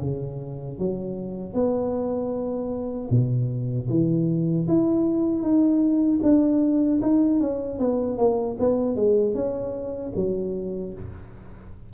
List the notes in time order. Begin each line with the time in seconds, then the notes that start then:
0.00 C#3
0.78 F#3
1.53 B3
3.10 B2
3.89 E3
4.68 E4
5.41 D#4
6.22 D4
7.02 D#4
7.40 C#4
7.79 B3
8.17 A#3
8.59 B3
8.96 G#3
9.34 C#4
10.15 F#3